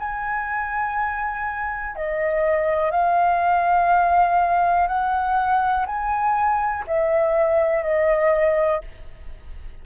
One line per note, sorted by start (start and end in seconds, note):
0.00 1.96 G#5
1.96 2.92 D#5
2.92 4.88 F5
4.88 5.86 F#5
5.87 6.85 G#5
6.88 7.84 E5
7.84 8.82 D#5